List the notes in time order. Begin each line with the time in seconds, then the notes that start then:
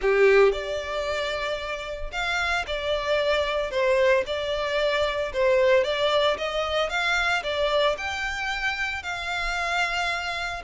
0.01 G4
0.52 D5
2.12 F5
2.67 D5
3.70 C5
4.26 D5
5.33 C5
5.84 D5
6.37 D#5
6.89 F5
7.43 D5
7.97 G5
9.03 F5